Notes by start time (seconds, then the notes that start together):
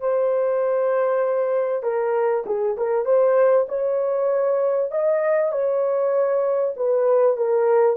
0.00 C5
1.83 A#4
2.46 G#4
2.77 A#4
3.05 C5
3.68 C#5
4.91 D#5
5.52 C#5
6.76 B4
7.37 A#4